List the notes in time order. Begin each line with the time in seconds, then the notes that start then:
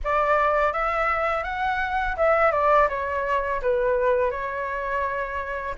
0.04 D5
0.72 E5
1.43 F#5
2.16 E5
2.51 D5
2.88 C#5
3.61 B4
4.30 C#5